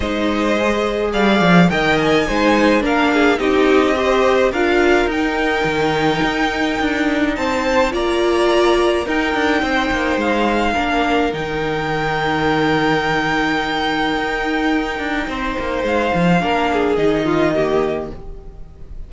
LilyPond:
<<
  \new Staff \with { instrumentName = "violin" } { \time 4/4 \tempo 4 = 106 dis''2 f''4 g''8 gis''8~ | gis''4 f''4 dis''2 | f''4 g''2.~ | g''4 a''4 ais''2 |
g''2 f''2 | g''1~ | g''1 | f''2 dis''2 | }
  \new Staff \with { instrumentName = "violin" } { \time 4/4 c''2 d''4 dis''4 | c''4 ais'8 gis'8 g'4 c''4 | ais'1~ | ais'4 c''4 d''2 |
ais'4 c''2 ais'4~ | ais'1~ | ais'2. c''4~ | c''4 ais'8 gis'4 f'8 g'4 | }
  \new Staff \with { instrumentName = "viola" } { \time 4/4 dis'4 gis'2 ais'4 | dis'4 d'4 dis'4 g'4 | f'4 dis'2.~ | dis'2 f'2 |
dis'2. d'4 | dis'1~ | dis'1~ | dis'4 d'4 dis'4 ais4 | }
  \new Staff \with { instrumentName = "cello" } { \time 4/4 gis2 g8 f8 dis4 | gis4 ais4 c'2 | d'4 dis'4 dis4 dis'4 | d'4 c'4 ais2 |
dis'8 d'8 c'8 ais8 gis4 ais4 | dis1~ | dis4 dis'4. d'8 c'8 ais8 | gis8 f8 ais4 dis2 | }
>>